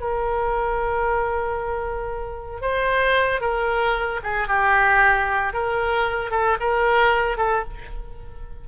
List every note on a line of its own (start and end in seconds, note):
0.00 2.61 A#4
2.61 3.41 C5
3.41 4.20 A#4
4.23 4.47 G#4
4.47 5.53 G4
5.53 6.31 A#4
6.31 6.57 A4
6.60 7.37 A#4
7.37 7.64 A4